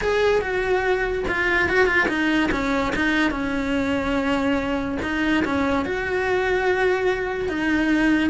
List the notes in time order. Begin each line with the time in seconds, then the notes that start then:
0.01 G#4
0.41 F#4
1.28 F4
1.68 F#4
1.86 F4
2.08 D#4
2.51 C#4
2.95 D#4
3.30 C#4
5.02 D#4
5.44 C#4
5.85 F#4
7.48 D#4